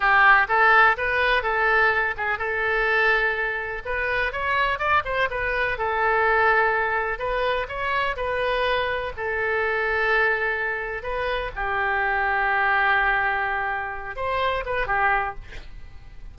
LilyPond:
\new Staff \with { instrumentName = "oboe" } { \time 4/4 \tempo 4 = 125 g'4 a'4 b'4 a'4~ | a'8 gis'8 a'2. | b'4 cis''4 d''8 c''8 b'4 | a'2. b'4 |
cis''4 b'2 a'4~ | a'2. b'4 | g'1~ | g'4. c''4 b'8 g'4 | }